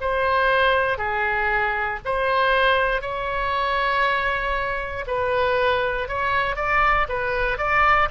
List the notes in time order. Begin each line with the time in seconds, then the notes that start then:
0.00 C5
0.98 G#4
2.05 C5
3.01 C#5
5.07 B4
6.08 C#5
6.56 D5
7.08 B4
7.58 D5